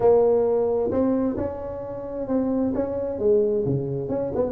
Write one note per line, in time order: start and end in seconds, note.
0.00 0.90 A#3
0.91 1.36 C4
1.37 2.27 C#4
2.27 2.73 C4
2.74 3.18 C#4
3.18 3.64 G#3
3.65 4.08 C#3
4.08 4.31 C#4
4.35 4.52 B3